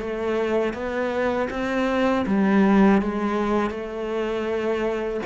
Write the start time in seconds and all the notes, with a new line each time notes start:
0.00 A3
0.73 B3
1.50 C4
2.26 G3
3.01 G#3
3.70 A3